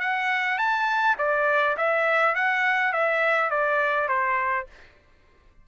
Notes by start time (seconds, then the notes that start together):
0.00 F#5
0.58 A5
1.18 D5
1.77 E5
2.35 F#5
2.93 E5
3.50 D5
4.09 C5